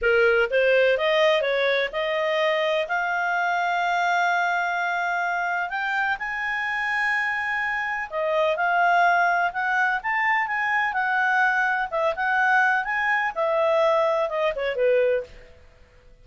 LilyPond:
\new Staff \with { instrumentName = "clarinet" } { \time 4/4 \tempo 4 = 126 ais'4 c''4 dis''4 cis''4 | dis''2 f''2~ | f''1 | g''4 gis''2.~ |
gis''4 dis''4 f''2 | fis''4 a''4 gis''4 fis''4~ | fis''4 e''8 fis''4. gis''4 | e''2 dis''8 cis''8 b'4 | }